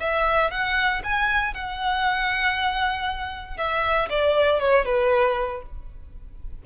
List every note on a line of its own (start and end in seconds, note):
0.00 0.51 E5
0.51 1.02 F#5
1.03 1.54 G#5
1.54 3.57 F#5
3.57 4.09 E5
4.10 4.60 D5
4.60 4.85 C#5
4.85 5.62 B4